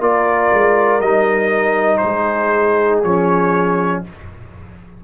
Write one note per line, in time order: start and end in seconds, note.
0.00 0.50 A#3
0.00 1.01 F4
0.00 2.01 A#4
0.00 1.01 D5
0.53 1.00 G#3
1.00 2.00 G3
1.00 3.04 D#4
1.00 1.98 D#5
1.98 4.02 G#4
1.98 2.98 C5
2.04 3.04 G#3
3.04 4.04 F3
3.04 4.05 C#4
3.04 4.04 C#5